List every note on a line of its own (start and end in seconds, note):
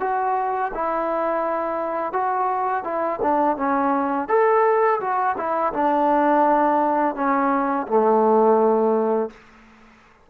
0.00 0.71 F#4
0.74 2.13 E4
2.13 2.84 F#4
2.84 3.20 E4
3.22 3.57 D4
3.57 4.29 C#4
4.29 5.00 A4
5.00 5.36 F#4
5.37 5.73 E4
5.73 7.16 D4
7.16 7.87 C#4
7.87 9.30 A3